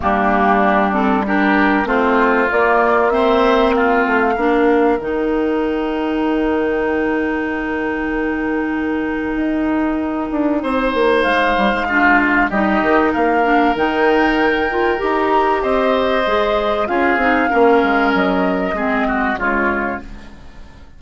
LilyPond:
<<
  \new Staff \with { instrumentName = "flute" } { \time 4/4 \tempo 4 = 96 g'4. a'8 ais'4 c''4 | d''4 e''4 f''2 | g''1~ | g''1~ |
g''2 f''2 | dis''4 f''4 g''2 | ais''4 dis''2 f''4~ | f''4 dis''2 cis''4 | }
  \new Staff \with { instrumentName = "oboe" } { \time 4/4 d'2 g'4 f'4~ | f'4 c''4 f'4 ais'4~ | ais'1~ | ais'1~ |
ais'4 c''2 f'4 | g'4 ais'2.~ | ais'4 c''2 gis'4 | ais'2 gis'8 fis'8 f'4 | }
  \new Staff \with { instrumentName = "clarinet" } { \time 4/4 ais4. c'8 d'4 c'4 | ais4 c'2 d'4 | dis'1~ | dis'1~ |
dis'2. d'4 | dis'4. d'8 dis'4. f'8 | g'2 gis'4 f'8 dis'8 | cis'2 c'4 gis4 | }
  \new Staff \with { instrumentName = "bassoon" } { \time 4/4 g2. a4 | ais2~ ais8 a8 ais4 | dis1~ | dis2. dis'4~ |
dis'8 d'8 c'8 ais8 gis8 g16 gis4~ gis16 | g8 dis8 ais4 dis2 | dis'4 c'4 gis4 cis'8 c'8 | ais8 gis8 fis4 gis4 cis4 | }
>>